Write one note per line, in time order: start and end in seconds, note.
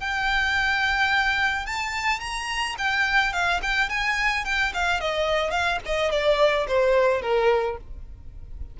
0.00 1.66 G5
1.66 2.20 A5
2.20 2.76 A#5
2.78 3.33 G5
3.33 3.60 F5
3.62 3.89 G5
3.89 4.44 G#5
4.45 4.72 G5
4.73 5.00 F5
5.00 5.51 D#5
5.51 5.79 F5
5.85 6.11 D#5
6.11 6.67 D5
6.67 7.21 C5
7.21 7.77 A#4